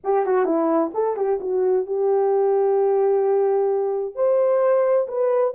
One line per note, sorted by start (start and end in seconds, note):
0.04 0.26 G4
0.26 0.45 F#4
0.45 0.91 E4
0.94 1.16 A4
1.16 1.39 G4
1.40 1.86 F#4
1.86 4.15 G4
4.15 5.07 C5
5.07 5.54 B4